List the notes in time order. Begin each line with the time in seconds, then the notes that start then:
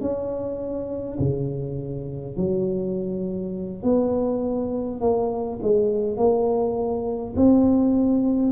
0.00 C#4
1.18 C#3
2.36 F#3
3.83 B3
5.00 A#3
5.62 G#3
6.17 A#3
7.36 C4